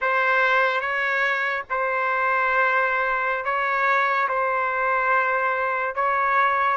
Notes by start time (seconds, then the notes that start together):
0.01 C5
0.80 C#5
1.70 C5
3.45 C#5
4.28 C5
5.95 C#5